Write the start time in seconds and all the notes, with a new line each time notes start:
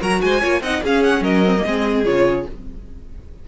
0.00 F#3 F#4 A#4 A#5
0.21 G#3 C5 G#5
0.40 A#3 F4 C#5
0.61 C4 D#4 D#5 F#5
0.83 C#4 G#4 F5
1.03 F#5
1.20 F#3 A#4 D#5
1.46 C4
1.57 A#3
1.65 G#3 C4 G#4
2.05 C#3 F4 C#5